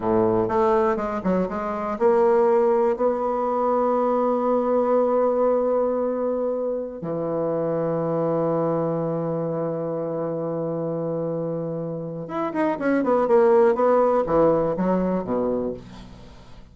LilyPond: \new Staff \with { instrumentName = "bassoon" } { \time 4/4 \tempo 4 = 122 a,4 a4 gis8 fis8 gis4 | ais2 b2~ | b1~ | b2~ b16 e4.~ e16~ |
e1~ | e1~ | e4 e'8 dis'8 cis'8 b8 ais4 | b4 e4 fis4 b,4 | }